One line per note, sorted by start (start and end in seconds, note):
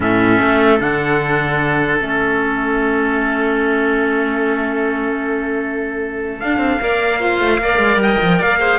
0.00 0.40 A2
0.00 0.79 C#4
0.00 6.82 A4
0.00 0.80 E5
0.40 0.80 A3
0.79 2.01 D3
0.79 1.99 D4
0.79 2.00 F#5
1.99 6.41 A3
1.99 6.39 C#4
1.99 6.39 E5
6.39 6.80 D4
6.39 6.58 D4
6.39 7.99 F5
6.58 6.78 C4
6.80 7.40 A#3
6.80 7.20 A#4
6.80 7.20 D5
7.20 7.60 F4
7.20 7.60 C5
7.40 7.58 A3
7.58 7.78 A#3
7.58 8.59 A#4
7.58 8.02 D5
7.78 7.96 G#3
7.96 8.16 G3
7.96 8.38 D#5
8.02 8.42 G5
8.21 8.40 F3
8.38 8.79 A#3
8.38 8.58 D5
8.38 8.79 F5
8.59 8.79 G#4
8.59 8.79 C5